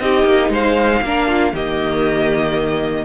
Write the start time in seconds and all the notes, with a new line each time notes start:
0.00 C4 D#4 G4 D#5
0.25 A#3
0.50 G#3 C5 F5
1.03 A#3 D4 A#4
1.27 F4
1.53 D#3 A#3 G4 D#5